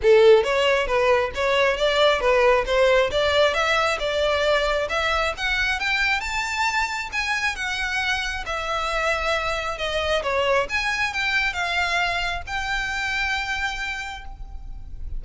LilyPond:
\new Staff \with { instrumentName = "violin" } { \time 4/4 \tempo 4 = 135 a'4 cis''4 b'4 cis''4 | d''4 b'4 c''4 d''4 | e''4 d''2 e''4 | fis''4 g''4 a''2 |
gis''4 fis''2 e''4~ | e''2 dis''4 cis''4 | gis''4 g''4 f''2 | g''1 | }